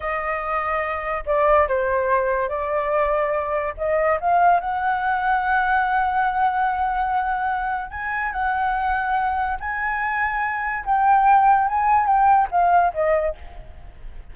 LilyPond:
\new Staff \with { instrumentName = "flute" } { \time 4/4 \tempo 4 = 144 dis''2. d''4 | c''2 d''2~ | d''4 dis''4 f''4 fis''4~ | fis''1~ |
fis''2. gis''4 | fis''2. gis''4~ | gis''2 g''2 | gis''4 g''4 f''4 dis''4 | }